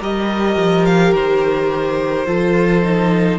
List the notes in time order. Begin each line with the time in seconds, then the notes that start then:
0.00 G3 G4 A#4 D#5
0.56 F3
0.85 F5
1.13 D#3 C5
2.26 F3 F4 A4
2.82 D#4